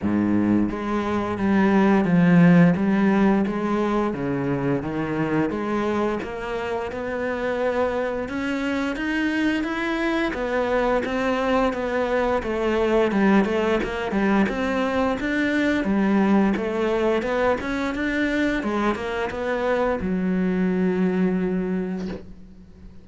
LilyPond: \new Staff \with { instrumentName = "cello" } { \time 4/4 \tempo 4 = 87 gis,4 gis4 g4 f4 | g4 gis4 cis4 dis4 | gis4 ais4 b2 | cis'4 dis'4 e'4 b4 |
c'4 b4 a4 g8 a8 | ais8 g8 c'4 d'4 g4 | a4 b8 cis'8 d'4 gis8 ais8 | b4 fis2. | }